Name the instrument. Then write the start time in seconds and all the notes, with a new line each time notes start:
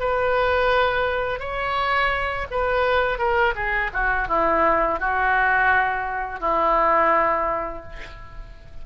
oboe
0.00 B4
1.40 C#5
2.51 B4
3.19 A#4
3.56 G#4
3.94 F#4
4.29 E4
5.00 F#4
6.40 E4